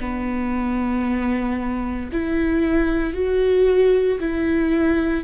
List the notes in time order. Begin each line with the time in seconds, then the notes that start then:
0.00 B3
2.12 E4
3.14 F#4
4.20 E4